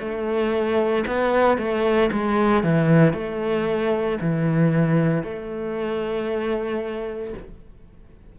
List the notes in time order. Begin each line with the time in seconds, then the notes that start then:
0.00 A3
1.08 B3
1.58 A3
2.12 G#3
2.64 E3
3.14 A3
4.21 E3
5.24 A3